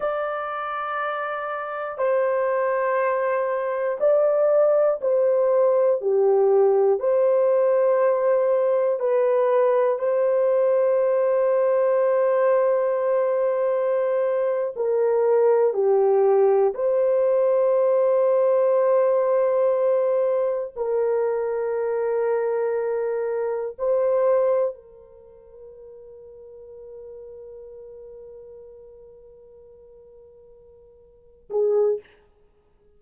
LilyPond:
\new Staff \with { instrumentName = "horn" } { \time 4/4 \tempo 4 = 60 d''2 c''2 | d''4 c''4 g'4 c''4~ | c''4 b'4 c''2~ | c''2~ c''8. ais'4 g'16~ |
g'8. c''2.~ c''16~ | c''8. ais'2. c''16~ | c''8. ais'2.~ ais'16~ | ais'2.~ ais'8 gis'8 | }